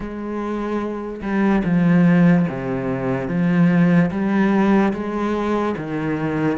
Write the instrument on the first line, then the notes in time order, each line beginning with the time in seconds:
cello
0.00 G#3
1.21 G3
1.64 F3
2.48 C3
3.28 F3
4.10 G3
4.93 G#3
5.77 D#3